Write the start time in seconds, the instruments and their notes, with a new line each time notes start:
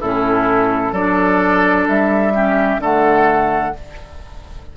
0.00 bassoon A2, clarinet C#4, oboe E4, flute A4
0.92 bassoon F#3, clarinet D4, oboe A4, flute D5
1.88 bassoon G3, flute E5
2.34 clarinet C#4, oboe G4
2.78 bassoon D3, clarinet A3, oboe A4, flute F#5